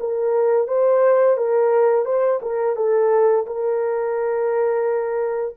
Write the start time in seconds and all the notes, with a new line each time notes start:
0.00 A#4
0.68 C5
1.37 A#4
2.05 C5
2.42 A#4
2.76 A4
3.47 A#4